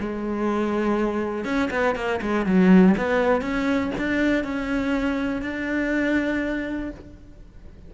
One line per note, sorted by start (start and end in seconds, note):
0.00 1.45 G#3
1.45 1.70 C#4
1.71 1.96 B3
1.96 2.21 A#3
2.22 2.46 G#3
2.46 2.96 F#3
2.98 3.42 B3
3.42 3.92 C#4
3.98 4.44 D4
4.44 5.43 C#4
5.43 6.91 D4